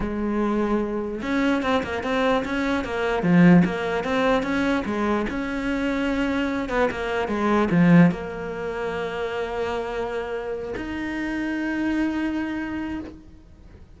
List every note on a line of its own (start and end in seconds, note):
0.00 1.21 G#3
1.22 1.62 C#4
1.62 1.82 C4
1.83 2.03 A#3
2.03 2.43 C4
2.44 2.84 C#4
2.84 3.22 A#3
3.22 3.63 F3
3.64 4.04 A#3
4.04 4.43 C4
4.43 4.83 C#4
4.85 5.26 G#3
5.29 6.69 C#4
6.69 6.89 B3
6.90 7.28 A#3
7.28 7.68 G#3
7.70 8.11 F3
8.11 10.74 A#3
10.77 13.00 D#4